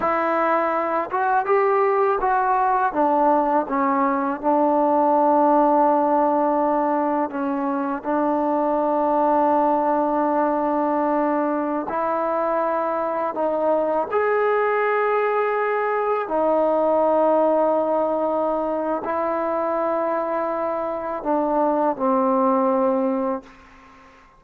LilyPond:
\new Staff \with { instrumentName = "trombone" } { \time 4/4 \tempo 4 = 82 e'4. fis'8 g'4 fis'4 | d'4 cis'4 d'2~ | d'2 cis'4 d'4~ | d'1~ |
d'16 e'2 dis'4 gis'8.~ | gis'2~ gis'16 dis'4.~ dis'16~ | dis'2 e'2~ | e'4 d'4 c'2 | }